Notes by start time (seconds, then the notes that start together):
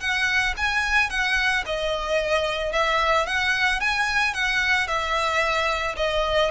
0.00 F#5
0.57 G#5
1.10 F#5
1.66 D#5
2.72 E5
3.26 F#5
3.80 G#5
4.33 F#5
4.87 E5
5.96 D#5